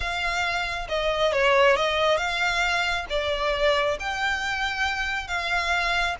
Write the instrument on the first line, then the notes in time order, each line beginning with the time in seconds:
violin
0.00 F5
0.88 D#5
1.32 C#5
1.76 D#5
2.17 F5
3.09 D5
3.99 G5
5.27 F5